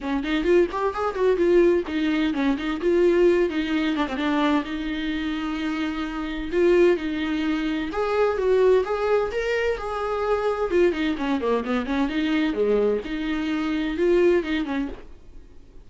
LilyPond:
\new Staff \with { instrumentName = "viola" } { \time 4/4 \tempo 4 = 129 cis'8 dis'8 f'8 g'8 gis'8 fis'8 f'4 | dis'4 cis'8 dis'8 f'4. dis'8~ | dis'8 d'16 c'16 d'4 dis'2~ | dis'2 f'4 dis'4~ |
dis'4 gis'4 fis'4 gis'4 | ais'4 gis'2 f'8 dis'8 | cis'8 ais8 b8 cis'8 dis'4 gis4 | dis'2 f'4 dis'8 cis'8 | }